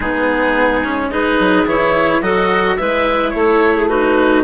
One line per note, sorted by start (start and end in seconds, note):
0.00 1.37 G#3
0.00 0.84 B3
0.00 1.10 D#4
0.00 1.09 G#4
0.84 1.11 C#4
1.10 1.66 D#4
1.10 2.21 G#4
1.10 1.67 B4
1.39 1.64 F#3
1.64 2.20 E3
1.64 2.22 E4
1.64 2.22 C#5
2.21 2.77 F#3
2.21 2.78 F#4
2.21 2.77 A4
2.21 2.76 D#5
2.76 3.33 G#3
2.76 3.89 E4
2.76 3.34 B4
2.76 3.30 E5
3.30 4.43 A3
3.30 3.75 A4
3.30 3.85 C#5
3.75 3.89 G#4
3.88 4.43 D#4
3.88 4.43 F#4
3.88 4.43 B4